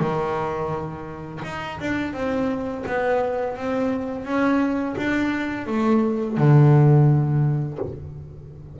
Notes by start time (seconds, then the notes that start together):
0.00 D#3
1.44 D#4
1.80 D4
2.14 C4
2.87 B3
3.57 C4
4.25 C#4
4.97 D4
5.67 A3
6.38 D3